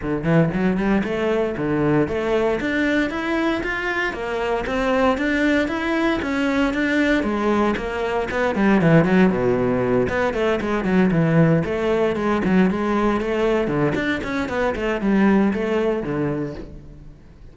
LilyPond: \new Staff \with { instrumentName = "cello" } { \time 4/4 \tempo 4 = 116 d8 e8 fis8 g8 a4 d4 | a4 d'4 e'4 f'4 | ais4 c'4 d'4 e'4 | cis'4 d'4 gis4 ais4 |
b8 g8 e8 fis8 b,4. b8 | a8 gis8 fis8 e4 a4 gis8 | fis8 gis4 a4 d8 d'8 cis'8 | b8 a8 g4 a4 d4 | }